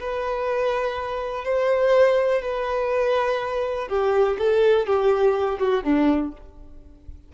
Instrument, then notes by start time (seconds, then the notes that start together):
violin
0.00 B4
1.45 C5
2.42 B4
3.88 G4
4.39 A4
4.87 G4
5.59 F#4
5.84 D4